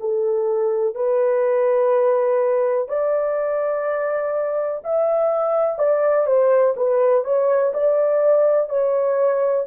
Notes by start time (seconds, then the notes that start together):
0.00 A4
0.95 B4
2.89 D5
4.84 E5
5.78 D5
6.26 C5
6.76 B4
7.24 C#5
7.73 D5
8.69 C#5